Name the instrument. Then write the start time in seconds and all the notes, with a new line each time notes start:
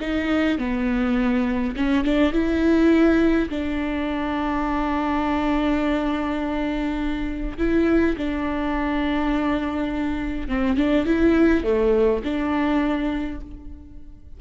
viola
0.00 D#4
0.58 B3
1.76 C#4
2.04 D4
2.32 E4
3.50 D4
7.58 E4
8.17 D4
10.48 C4
10.77 D4
11.06 E4
11.64 A3
12.24 D4